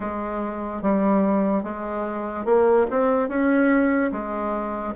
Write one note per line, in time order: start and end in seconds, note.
0.00 0.82 G#3
0.82 1.63 G3
1.63 2.45 G#3
2.45 2.86 A#3
2.90 3.29 C4
3.29 4.11 C#4
4.11 4.94 G#3